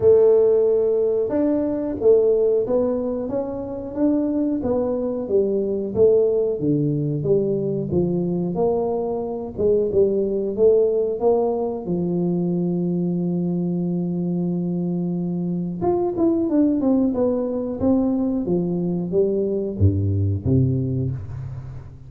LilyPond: \new Staff \with { instrumentName = "tuba" } { \time 4/4 \tempo 4 = 91 a2 d'4 a4 | b4 cis'4 d'4 b4 | g4 a4 d4 g4 | f4 ais4. gis8 g4 |
a4 ais4 f2~ | f1 | f'8 e'8 d'8 c'8 b4 c'4 | f4 g4 g,4 c4 | }